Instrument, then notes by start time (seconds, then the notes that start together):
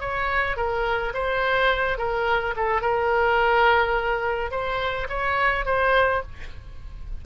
oboe
0.00 C#5
0.56 A#4
1.13 C5
1.98 A#4
2.56 A4
2.81 A#4
4.51 C5
5.09 C#5
5.65 C5